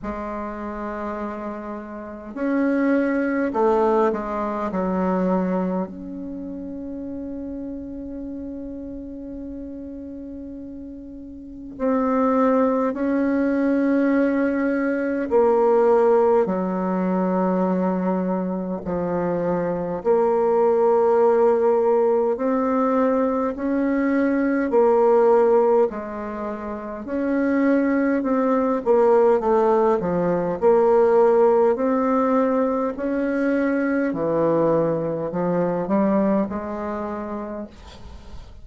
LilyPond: \new Staff \with { instrumentName = "bassoon" } { \time 4/4 \tempo 4 = 51 gis2 cis'4 a8 gis8 | fis4 cis'2.~ | cis'2 c'4 cis'4~ | cis'4 ais4 fis2 |
f4 ais2 c'4 | cis'4 ais4 gis4 cis'4 | c'8 ais8 a8 f8 ais4 c'4 | cis'4 e4 f8 g8 gis4 | }